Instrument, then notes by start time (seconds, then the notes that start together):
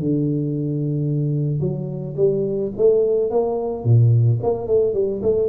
tuba
0.00 D3
1.60 F#3
2.17 G3
2.77 A3
3.31 A#3
3.84 A#2
4.43 A#3
4.67 A3
4.94 G3
5.23 A3